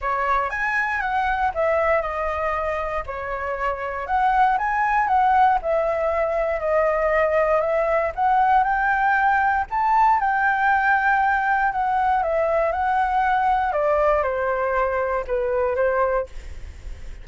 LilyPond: \new Staff \with { instrumentName = "flute" } { \time 4/4 \tempo 4 = 118 cis''4 gis''4 fis''4 e''4 | dis''2 cis''2 | fis''4 gis''4 fis''4 e''4~ | e''4 dis''2 e''4 |
fis''4 g''2 a''4 | g''2. fis''4 | e''4 fis''2 d''4 | c''2 b'4 c''4 | }